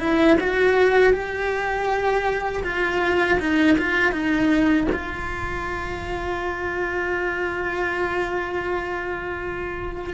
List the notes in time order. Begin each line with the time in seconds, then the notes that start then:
0.00 E4
0.40 F#4
1.13 G4
2.64 F4
3.40 D#4
3.78 F4
4.12 D#4
4.93 F4